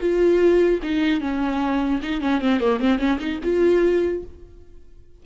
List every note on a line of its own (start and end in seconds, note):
0.00 0.80 F4
0.82 1.21 D#4
1.21 2.01 C#4
2.02 2.21 D#4
2.21 2.41 C#4
2.41 2.60 C4
2.60 2.79 A#3
2.79 2.99 C4
2.99 3.19 C#4
3.19 3.39 D#4
3.43 4.23 F4